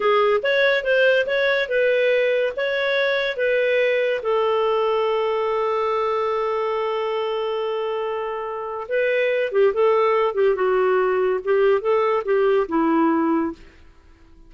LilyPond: \new Staff \with { instrumentName = "clarinet" } { \time 4/4 \tempo 4 = 142 gis'4 cis''4 c''4 cis''4 | b'2 cis''2 | b'2 a'2~ | a'1~ |
a'1~ | a'4 b'4. g'8 a'4~ | a'8 g'8 fis'2 g'4 | a'4 g'4 e'2 | }